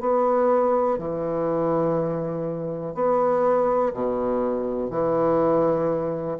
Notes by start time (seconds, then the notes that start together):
0.00 B3
0.98 E3
2.95 B3
3.93 B2
4.90 E3